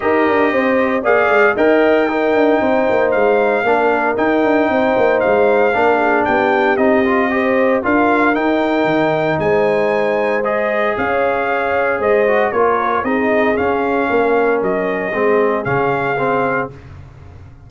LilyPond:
<<
  \new Staff \with { instrumentName = "trumpet" } { \time 4/4 \tempo 4 = 115 dis''2 f''4 g''4~ | g''2 f''2 | g''2 f''2 | g''4 dis''2 f''4 |
g''2 gis''2 | dis''4 f''2 dis''4 | cis''4 dis''4 f''2 | dis''2 f''2 | }
  \new Staff \with { instrumentName = "horn" } { \time 4/4 ais'4 c''4 d''4 dis''4 | ais'4 c''2 ais'4~ | ais'4 c''2 ais'8 gis'8 | g'2 c''4 ais'4~ |
ais'2 c''2~ | c''4 cis''2 c''4 | ais'4 gis'2 ais'4~ | ais'4 gis'2. | }
  \new Staff \with { instrumentName = "trombone" } { \time 4/4 g'2 gis'4 ais'4 | dis'2. d'4 | dis'2. d'4~ | d'4 dis'8 f'8 g'4 f'4 |
dis'1 | gis'2.~ gis'8 fis'8 | f'4 dis'4 cis'2~ | cis'4 c'4 cis'4 c'4 | }
  \new Staff \with { instrumentName = "tuba" } { \time 4/4 dis'8 d'8 c'4 ais8 gis8 dis'4~ | dis'8 d'8 c'8 ais8 gis4 ais4 | dis'8 d'8 c'8 ais8 gis4 ais4 | b4 c'2 d'4 |
dis'4 dis4 gis2~ | gis4 cis'2 gis4 | ais4 c'4 cis'4 ais4 | fis4 gis4 cis2 | }
>>